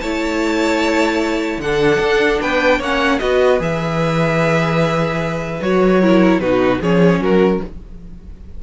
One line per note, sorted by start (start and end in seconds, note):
0.00 1.57 A3
0.00 1.63 E4
0.00 1.61 C#5
0.00 1.60 A5
1.57 1.97 D3
1.57 2.83 D4
1.57 2.41 F#5
1.64 2.41 A4
1.99 2.39 D4
2.41 2.80 B3
2.41 2.78 B4
2.41 2.81 G5
2.78 3.20 A#3
2.78 3.19 C#4
2.78 3.18 C#5
2.78 3.19 F#5
3.19 3.60 B3
3.19 3.59 F#4
3.19 6.01 B4
3.19 3.59 D#5
3.59 5.60 E3
3.59 5.59 G#4
3.59 5.62 E5
5.61 6.39 F#3
5.61 6.02 F#4
5.61 6.40 C#5
6.01 6.41 E4
6.01 6.41 A#4
6.39 6.79 B2
6.39 6.81 D#4
6.39 6.81 F#4
6.39 6.80 B4
6.81 7.20 F3
6.81 7.63 C#4
6.81 7.21 G#4
6.81 7.22 C#5
7.20 7.60 F#3
7.20 7.61 F#4
7.20 7.62 A#4